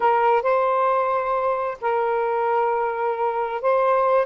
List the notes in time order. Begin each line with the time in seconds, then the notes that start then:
0.00 A#4
0.42 C5
1.81 A#4
3.61 C5